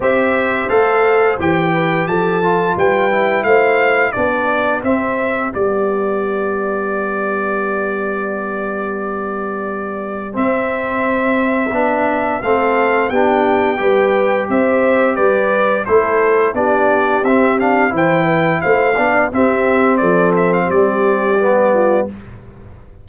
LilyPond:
<<
  \new Staff \with { instrumentName = "trumpet" } { \time 4/4 \tempo 4 = 87 e''4 f''4 g''4 a''4 | g''4 f''4 d''4 e''4 | d''1~ | d''2. e''4~ |
e''2 f''4 g''4~ | g''4 e''4 d''4 c''4 | d''4 e''8 f''8 g''4 f''4 | e''4 d''8 e''16 f''16 d''2 | }
  \new Staff \with { instrumentName = "horn" } { \time 4/4 c''2~ c''8 b'8 a'4 | b'4 c''4 g'2~ | g'1~ | g'1~ |
g'2 a'4 g'4 | b'4 c''4 b'4 a'4 | g'2 c''8 b'8 c''8 d''8 | g'4 a'4 g'4. f'8 | }
  \new Staff \with { instrumentName = "trombone" } { \time 4/4 g'4 a'4 g'4. f'8~ | f'8 e'4. d'4 c'4 | b1~ | b2. c'4~ |
c'4 d'4 c'4 d'4 | g'2. e'4 | d'4 c'8 d'8 e'4. d'8 | c'2. b4 | }
  \new Staff \with { instrumentName = "tuba" } { \time 4/4 c'4 a4 e4 f4 | g4 a4 b4 c'4 | g1~ | g2. c'4~ |
c'4 b4 a4 b4 | g4 c'4 g4 a4 | b4 c'4 e4 a8 b8 | c'4 f4 g2 | }
>>